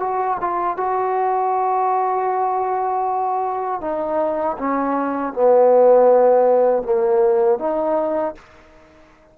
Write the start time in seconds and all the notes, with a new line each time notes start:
0.00 F#4
0.41 F4
0.77 F#4
3.81 D#4
4.58 C#4
5.33 B3
6.83 A#3
7.59 D#4